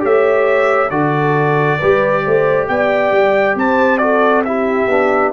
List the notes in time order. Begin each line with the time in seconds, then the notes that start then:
0.00 A3 G4 C#5 E5
0.90 D3 F#4 A4 D5
1.79 G3 G4 B4
2.24 A3 C5
2.68 B3 D5 G5
3.12 G3
3.56 C4 C5 A5
3.98 F#4 A4 D5
4.45 E4 G4 E5
4.88 B3 D4